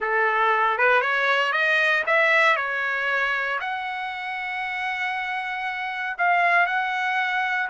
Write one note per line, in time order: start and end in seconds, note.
0.00 0.77 A4
0.78 1.01 B4
1.01 1.52 C#5
1.52 2.03 D#5
2.06 2.56 E5
2.56 3.59 C#5
3.60 6.17 F#5
6.18 6.66 F5
6.66 7.69 F#5